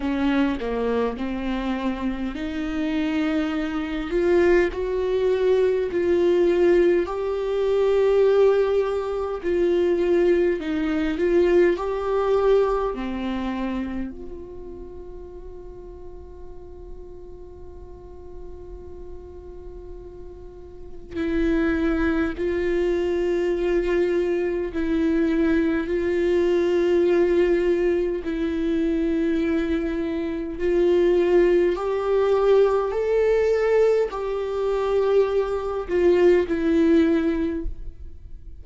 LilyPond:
\new Staff \with { instrumentName = "viola" } { \time 4/4 \tempo 4 = 51 cis'8 ais8 c'4 dis'4. f'8 | fis'4 f'4 g'2 | f'4 dis'8 f'8 g'4 c'4 | f'1~ |
f'2 e'4 f'4~ | f'4 e'4 f'2 | e'2 f'4 g'4 | a'4 g'4. f'8 e'4 | }